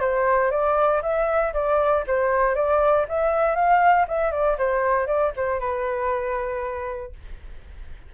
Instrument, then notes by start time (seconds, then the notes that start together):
flute
0.00 C5
0.51 D5
1.02 E5
1.53 D5
2.07 C5
2.55 D5
3.08 E5
3.55 F5
4.08 E5
4.31 D5
4.58 C5
5.06 D5
5.36 C5
5.60 B4